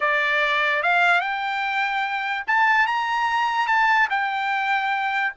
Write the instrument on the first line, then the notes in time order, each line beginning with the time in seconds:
trumpet
0.00 D5
0.82 F5
1.20 G5
2.47 A5
2.87 A#5
3.67 A5
4.10 G5